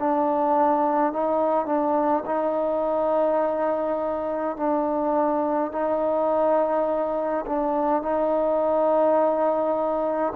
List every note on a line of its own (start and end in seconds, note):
0.00 1.13 D4
1.13 1.66 D#4
1.66 2.24 D4
2.26 4.57 D#4
4.57 5.72 D4
5.72 7.45 D#4
7.47 8.03 D4
8.03 10.34 D#4